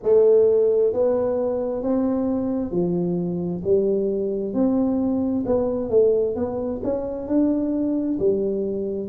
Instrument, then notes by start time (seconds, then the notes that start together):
tuba
0.02 A3
0.93 B3
1.83 C4
2.71 F3
3.64 G3
4.53 C4
5.45 B3
5.90 A3
6.35 B3
6.83 C#4
7.27 D4
8.19 G3